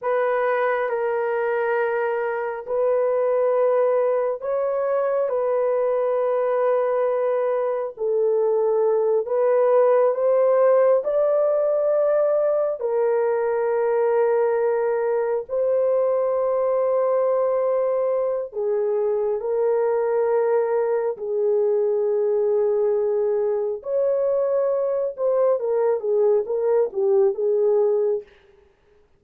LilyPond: \new Staff \with { instrumentName = "horn" } { \time 4/4 \tempo 4 = 68 b'4 ais'2 b'4~ | b'4 cis''4 b'2~ | b'4 a'4. b'4 c''8~ | c''8 d''2 ais'4.~ |
ais'4. c''2~ c''8~ | c''4 gis'4 ais'2 | gis'2. cis''4~ | cis''8 c''8 ais'8 gis'8 ais'8 g'8 gis'4 | }